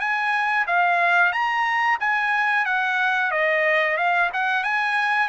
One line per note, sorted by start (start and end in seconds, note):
0.00 0.66 G#5
0.67 1.32 F5
1.32 1.98 A#5
2.00 2.66 G#5
2.66 3.31 F#5
3.31 3.97 D#5
3.97 4.30 F5
4.33 4.64 F#5
4.64 5.29 G#5